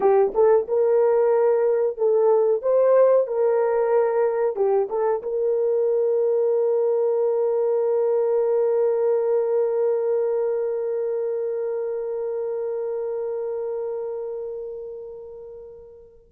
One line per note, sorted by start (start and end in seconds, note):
0.00 0.33 G4
0.34 0.67 A4
0.67 1.97 A#4
1.97 2.61 A4
2.61 3.27 C5
3.27 4.55 A#4
4.55 4.88 G4
4.89 5.22 A4
5.22 16.31 A#4